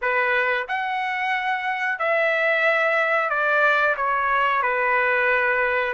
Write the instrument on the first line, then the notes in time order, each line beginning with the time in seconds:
trumpet
0.01 B4
0.67 F#5
1.98 E5
3.29 D5
3.96 C#5
4.62 B4